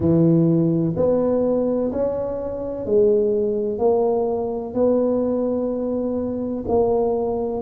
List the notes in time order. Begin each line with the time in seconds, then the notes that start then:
0.00 E3
0.96 B3
1.92 C#4
2.85 G#3
3.78 A#3
4.74 B3
6.68 A#3